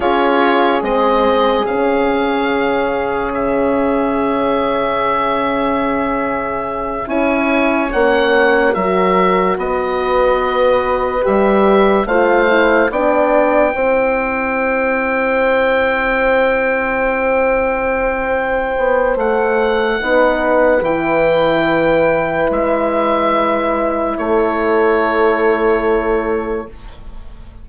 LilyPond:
<<
  \new Staff \with { instrumentName = "oboe" } { \time 4/4 \tempo 4 = 72 cis''4 dis''4 f''2 | e''1~ | e''8 gis''4 fis''4 e''4 dis''8~ | dis''4. e''4 f''4 g''8~ |
g''1~ | g''2. fis''4~ | fis''4 g''2 e''4~ | e''4 cis''2. | }
  \new Staff \with { instrumentName = "horn" } { \time 4/4 gis'1~ | gis'1~ | gis'8 cis''2 ais'4 b'8~ | b'2~ b'8 c''4 d''8~ |
d''8 c''2.~ c''8~ | c''1 | b'1~ | b'4 a'2. | }
  \new Staff \with { instrumentName = "horn" } { \time 4/4 f'4 c'4 cis'2~ | cis'1~ | cis'8 e'4 cis'4 fis'4.~ | fis'4. g'4 f'8 e'8 d'8~ |
d'8 e'2.~ e'8~ | e'1 | dis'4 e'2.~ | e'1 | }
  \new Staff \with { instrumentName = "bassoon" } { \time 4/4 cis'4 gis4 cis2~ | cis1~ | cis8 cis'4 ais4 fis4 b8~ | b4. g4 a4 b8~ |
b8 c'2.~ c'8~ | c'2~ c'8 b8 a4 | b4 e2 gis4~ | gis4 a2. | }
>>